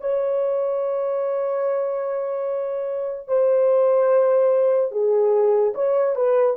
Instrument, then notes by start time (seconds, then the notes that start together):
horn
0.00 C#5
3.28 C5
4.91 G#4
5.74 C#5
6.15 B4